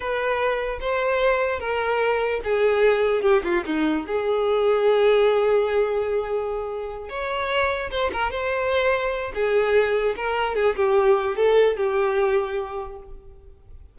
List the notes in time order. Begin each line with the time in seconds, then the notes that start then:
0.00 B4
0.80 C5
1.59 A#4
2.44 G#4
3.22 G4
3.43 F4
3.65 D#4
4.06 G#4
7.09 C#5
7.90 C5
8.12 A#4
8.31 C5
9.34 G#4
10.16 A#4
10.55 G#4
10.75 G4
11.36 A4
11.77 G4